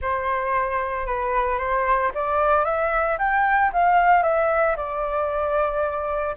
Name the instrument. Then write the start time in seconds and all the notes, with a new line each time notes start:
flute
0.01 C5
1.06 B4
1.58 C5
2.14 D5
2.64 E5
3.18 G5
3.73 F5
4.23 E5
4.76 D5